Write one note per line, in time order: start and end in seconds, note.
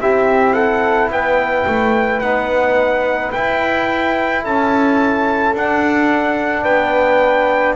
0.00 1.09 C4
0.00 2.22 E4
0.00 0.54 G4
0.00 0.53 E5
0.53 1.09 A4
0.53 1.08 F#5
1.09 1.65 B3
1.09 4.41 B4
1.09 2.20 G5
1.66 2.21 A3
2.20 3.32 B3
2.20 3.33 D#4
2.20 3.31 F#5
3.32 5.56 E4
3.32 4.45 E4
3.32 4.43 G5
4.41 5.54 C#4
4.41 6.63 A4
4.41 5.55 A5
5.54 6.65 D4
5.54 7.76 D4
5.54 6.63 F#5
6.63 7.76 B3
6.63 7.74 B4
6.63 7.75 G5